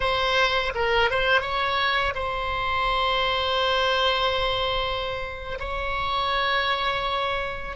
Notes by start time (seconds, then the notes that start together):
0.00 C5
0.74 A#4
1.10 C5
1.41 C#5
2.15 C5
5.59 C#5